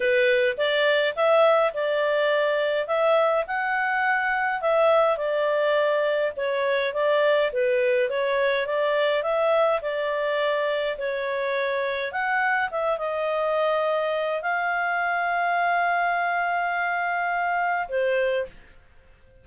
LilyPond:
\new Staff \with { instrumentName = "clarinet" } { \time 4/4 \tempo 4 = 104 b'4 d''4 e''4 d''4~ | d''4 e''4 fis''2 | e''4 d''2 cis''4 | d''4 b'4 cis''4 d''4 |
e''4 d''2 cis''4~ | cis''4 fis''4 e''8 dis''4.~ | dis''4 f''2.~ | f''2. c''4 | }